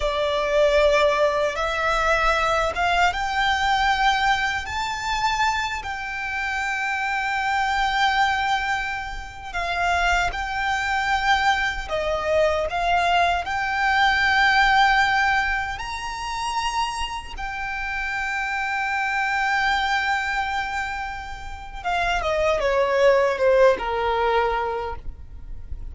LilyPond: \new Staff \with { instrumentName = "violin" } { \time 4/4 \tempo 4 = 77 d''2 e''4. f''8 | g''2 a''4. g''8~ | g''1~ | g''16 f''4 g''2 dis''8.~ |
dis''16 f''4 g''2~ g''8.~ | g''16 ais''2 g''4.~ g''16~ | g''1 | f''8 dis''8 cis''4 c''8 ais'4. | }